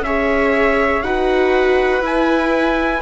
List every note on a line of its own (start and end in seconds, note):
0.00 1.00 C#4
0.00 1.04 G#4
0.00 1.02 E5
0.06 1.03 C#5
1.02 2.01 D#4
1.02 2.01 F#4
1.02 3.02 B4
1.02 2.02 F#5
2.01 3.01 E4
2.01 3.02 G#5